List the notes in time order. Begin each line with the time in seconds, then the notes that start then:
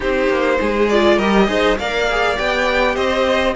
0.00 C4 D#4 G4 C5
0.29 A#3
0.60 G#3 G#4
0.88 F4 D5
1.16 G3 G4 A#4 D#5
1.47 D#4 G#4 C5
1.78 A#3 A#4 D5 F5
2.11 G#4
2.36 B3 G4 G5
2.95 C4 C5 D#5